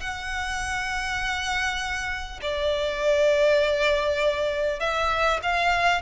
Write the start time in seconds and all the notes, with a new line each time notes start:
0.00 F#5
2.42 D5
4.80 E5
5.42 F5